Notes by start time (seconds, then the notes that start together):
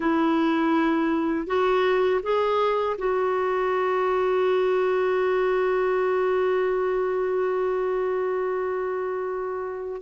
0.00 E4
1.46 F#4
2.22 G#4
2.98 F#4